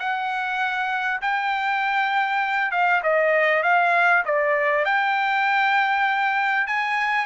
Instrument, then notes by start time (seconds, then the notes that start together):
trumpet
0.00 F#5
1.22 G5
2.72 F5
3.03 D#5
3.64 F5
4.26 D5
4.86 G5
6.67 G#5